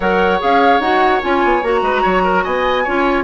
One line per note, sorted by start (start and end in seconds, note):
0.00 0.41 F#3
0.00 0.39 A#4
0.00 1.80 C#5
0.00 0.40 F#5
0.39 0.80 C#4
0.39 0.80 G#4
0.39 0.80 F5
0.80 1.20 D#4
0.80 1.21 F#4
0.80 1.20 F#5
1.21 1.44 C#4
1.21 1.62 F4
1.21 1.63 G#5
1.44 1.62 B3
1.62 1.82 A#3
1.62 2.85 F#4
1.62 2.43 A#5
1.82 2.02 G#3
1.82 2.02 B4
2.02 2.45 F#3
2.02 2.22 C#5
2.23 2.43 A#4
2.43 2.86 B3
2.43 2.83 D#5
2.43 3.23 G#5
2.83 3.23 C#4
2.83 3.23 F4
2.83 3.23 C#5